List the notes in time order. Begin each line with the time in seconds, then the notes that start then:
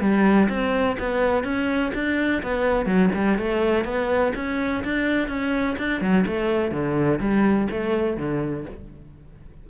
0.00 G3
0.49 C4
0.99 B3
1.44 C#4
1.94 D4
2.43 B3
2.86 F#3
3.14 G3
3.38 A3
3.84 B3
4.35 C#4
4.84 D4
5.28 C#4
5.78 D4
6.01 F#3
6.26 A3
6.71 D3
7.20 G3
7.71 A3
8.17 D3